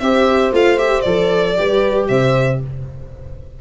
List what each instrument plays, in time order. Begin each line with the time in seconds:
0.00 tuba C4, viola G4, horn C5, violin E5
0.52 tuba A3, viola F4, violin F5
0.78 viola G4, violin E5
1.01 tuba F3, viola A4, violin D5
1.56 tuba G3, viola G4, horn B4
2.08 tuba C3, horn C5, violin E5